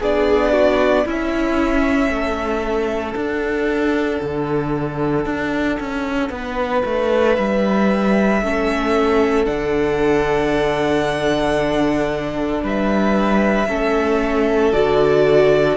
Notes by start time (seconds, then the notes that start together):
0.00 B3 D4 G#4 D5
0.53 F#4
1.05 C#4 E4 E5
2.10 A3 A4
3.15 D4 F#5
4.22 D3
5.26 D4
5.80 C#4
6.30 B3 B4
6.86 A3
7.35 G3 E5
8.42 A3 C#4 A4
9.46 D3 D4 F#5
12.63 G3 B4 E5
13.68 A3 C#4 A4
14.73 D3 F#4 D5